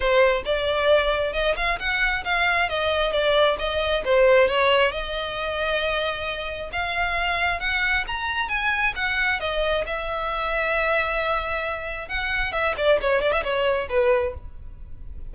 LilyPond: \new Staff \with { instrumentName = "violin" } { \time 4/4 \tempo 4 = 134 c''4 d''2 dis''8 f''8 | fis''4 f''4 dis''4 d''4 | dis''4 c''4 cis''4 dis''4~ | dis''2. f''4~ |
f''4 fis''4 ais''4 gis''4 | fis''4 dis''4 e''2~ | e''2. fis''4 | e''8 d''8 cis''8 d''16 e''16 cis''4 b'4 | }